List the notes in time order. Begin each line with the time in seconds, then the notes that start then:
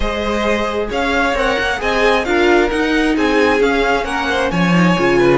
0.00 G#3 G#4 C5 D#5
0.89 C#4 C#5 F5
1.34 C4 A#4 F#5
1.59 A#3
1.77 C4 G#4 D#5 G#5
2.25 D4 F4 A#4 F5
2.70 D#4 F#5
3.15 C4 G#4 G#5
3.59 C#4 F5
4.04 A#3 A#4 F#5
4.29 C5
4.51 F3 C#5 G#5
4.72 D#4
4.97 C#3 F4
5.18 B4